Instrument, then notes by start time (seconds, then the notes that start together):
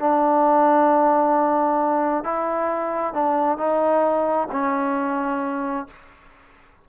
trombone
0.00 D4
2.25 E4
3.14 D4
3.58 D#4
4.52 C#4